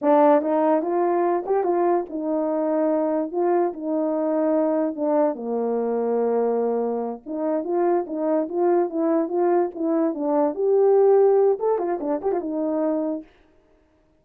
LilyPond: \new Staff \with { instrumentName = "horn" } { \time 4/4 \tempo 4 = 145 d'4 dis'4 f'4. g'8 | f'4 dis'2. | f'4 dis'2. | d'4 ais2.~ |
ais4. dis'4 f'4 dis'8~ | dis'8 f'4 e'4 f'4 e'8~ | e'8 d'4 g'2~ g'8 | a'8 f'8 d'8 g'16 f'16 dis'2 | }